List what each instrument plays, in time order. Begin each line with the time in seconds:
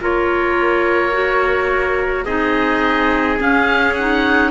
0.00 cello A#3, clarinet F4, trumpet A#4, oboe C#5
1.11 clarinet F#4
2.25 cello C4, clarinet D#4, trumpet G#4, oboe D#5
3.39 clarinet C#4, cello C#4, oboe F5
3.94 clarinet D#4, oboe F#5